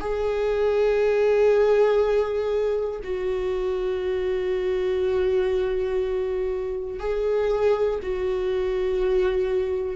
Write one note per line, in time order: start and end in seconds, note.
0.00 3.00 G#4
3.03 6.99 F#4
6.99 7.99 G#4
8.02 9.96 F#4